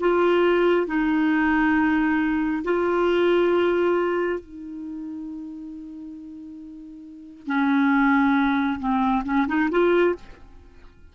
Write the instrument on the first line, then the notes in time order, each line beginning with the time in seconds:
clarinet
0.00 F4
0.87 D#4
2.64 F4
4.40 D#4
7.47 C#4
8.80 C4
9.25 C#4
9.48 D#4
9.71 F4